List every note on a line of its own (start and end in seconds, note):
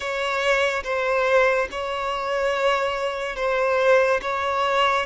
0.00 0.83 C#5
0.83 1.68 C5
1.71 3.36 C#5
3.36 4.20 C5
4.21 5.06 C#5